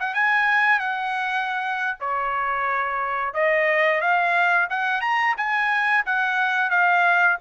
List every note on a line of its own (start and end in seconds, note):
0.00 0.15 F#5
0.15 0.80 G#5
0.80 1.98 F#5
2.01 3.34 C#5
3.34 4.01 D#5
4.01 4.69 F5
4.70 5.01 F#5
5.01 5.35 A#5
5.37 6.05 G#5
6.06 6.70 F#5
6.70 7.38 F5